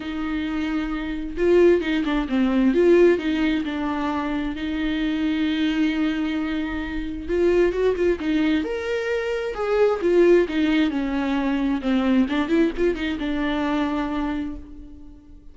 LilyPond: \new Staff \with { instrumentName = "viola" } { \time 4/4 \tempo 4 = 132 dis'2. f'4 | dis'8 d'8 c'4 f'4 dis'4 | d'2 dis'2~ | dis'1 |
f'4 fis'8 f'8 dis'4 ais'4~ | ais'4 gis'4 f'4 dis'4 | cis'2 c'4 d'8 e'8 | f'8 dis'8 d'2. | }